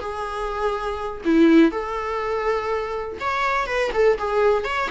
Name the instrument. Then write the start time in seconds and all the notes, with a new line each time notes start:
viola
0.00 G#4
1.25 E4
1.72 A4
3.21 C#5
3.67 B4
3.94 A4
4.19 G#4
4.65 C#5